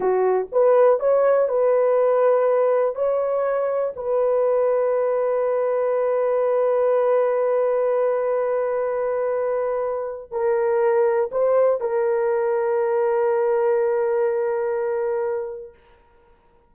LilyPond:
\new Staff \with { instrumentName = "horn" } { \time 4/4 \tempo 4 = 122 fis'4 b'4 cis''4 b'4~ | b'2 cis''2 | b'1~ | b'1~ |
b'1~ | b'4 ais'2 c''4 | ais'1~ | ais'1 | }